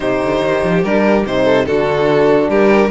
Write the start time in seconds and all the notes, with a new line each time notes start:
0.00 C3 D#4 G4 C5
0.22 D3
0.41 D#3
0.63 F3
0.83 G3 D4 A#4
1.25 C3 D#4 C5
1.44 A4
1.65 D3 D4 F#4 A4
2.48 G3 G4 A#4